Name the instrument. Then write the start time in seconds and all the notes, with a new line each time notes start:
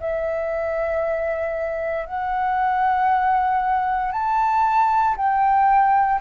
flute
0.00 E5
2.06 F#5
4.11 A5
5.17 G5